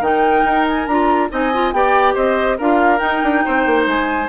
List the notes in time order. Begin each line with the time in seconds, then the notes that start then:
0.00 D#3 D#4 A#4 G5
0.45 D#4
0.68 G#5
0.87 D4 F4 A#5
1.30 C4 D#4 D#5 G#5
1.54 F4
1.72 B3 G4 D5 G5
2.14 C4 C5 D#5
2.58 D4 F4 A#4 F5
2.98 D#4 G5
3.23 D4
3.45 C4 C5
3.66 A#3
3.87 G#3 G#5